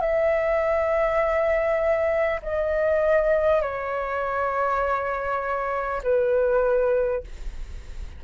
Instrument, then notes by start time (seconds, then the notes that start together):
flute
0.00 E5
2.42 D#5
3.61 C#5
6.03 B4